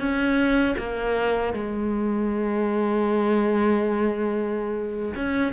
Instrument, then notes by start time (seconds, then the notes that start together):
cello
0.00 C#4
0.78 A#3
1.54 G#3
5.15 C#4